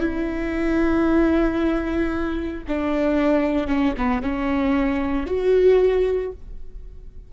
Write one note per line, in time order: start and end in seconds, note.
0.00 2.63 E4
2.68 3.67 D4
3.67 3.94 C#4
3.97 4.22 B3
4.22 5.26 C#4
5.26 6.32 F#4